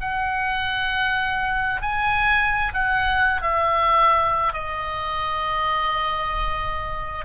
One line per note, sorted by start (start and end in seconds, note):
0.00 1.81 F#5
1.81 2.72 G#5
2.74 3.41 F#5
3.41 4.53 E5
4.53 7.25 D#5